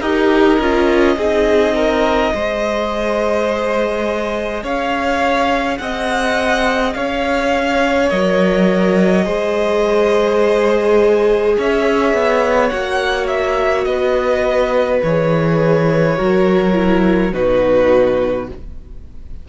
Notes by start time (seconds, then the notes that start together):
0.00 D#4 G4 A#4 D#5
0.60 C#4 F4
1.16 C4 D#4 G#4
1.75 A#4
2.32 G#3 G#4 C5
4.63 C#4 C#5 F5
5.78 C4 D#5 F#5
6.94 C#4 C#5 F5
8.09 F#3 A#4 D#5
9.24 G#3 G#4 C5
11.58 C#4 C#5 E5
12.13 B3
12.69 A#3 F#4 F#5
13.27 E5
13.84 B3 B4 D#5
15.03 E3 G#4 C#5
16.17 F#3 F#4 A#4
16.74 E4
17.33 B2 D#4 F#4 B4